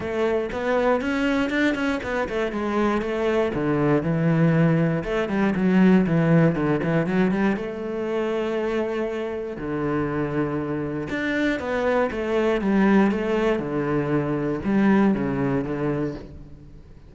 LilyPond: \new Staff \with { instrumentName = "cello" } { \time 4/4 \tempo 4 = 119 a4 b4 cis'4 d'8 cis'8 | b8 a8 gis4 a4 d4 | e2 a8 g8 fis4 | e4 d8 e8 fis8 g8 a4~ |
a2. d4~ | d2 d'4 b4 | a4 g4 a4 d4~ | d4 g4 cis4 d4 | }